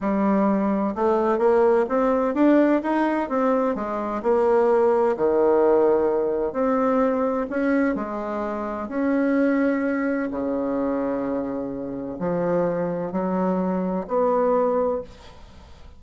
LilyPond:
\new Staff \with { instrumentName = "bassoon" } { \time 4/4 \tempo 4 = 128 g2 a4 ais4 | c'4 d'4 dis'4 c'4 | gis4 ais2 dis4~ | dis2 c'2 |
cis'4 gis2 cis'4~ | cis'2 cis2~ | cis2 f2 | fis2 b2 | }